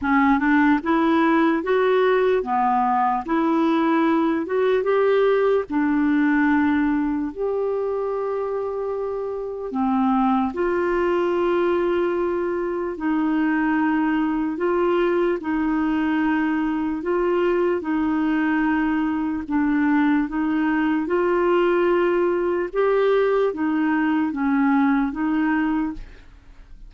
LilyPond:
\new Staff \with { instrumentName = "clarinet" } { \time 4/4 \tempo 4 = 74 cis'8 d'8 e'4 fis'4 b4 | e'4. fis'8 g'4 d'4~ | d'4 g'2. | c'4 f'2. |
dis'2 f'4 dis'4~ | dis'4 f'4 dis'2 | d'4 dis'4 f'2 | g'4 dis'4 cis'4 dis'4 | }